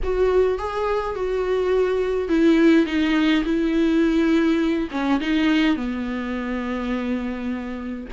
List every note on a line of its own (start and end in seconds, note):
0.03 0.58 F#4
0.58 1.15 G#4
1.15 2.28 F#4
2.28 2.86 E4
2.86 3.43 D#4
3.44 4.88 E4
4.91 5.19 C#4
5.20 5.76 D#4
5.76 8.06 B3